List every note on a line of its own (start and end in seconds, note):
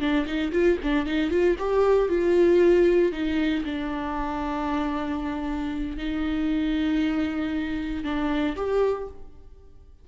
0.00 0.26 D4
0.26 0.52 D#4
0.52 0.78 F4
0.83 1.06 D4
1.06 1.30 D#4
1.30 1.56 F4
1.59 2.09 G4
2.09 3.12 F4
3.12 3.64 D#4
3.65 5.97 D4
5.97 8.04 D#4
8.04 8.56 D4
8.56 9.08 G4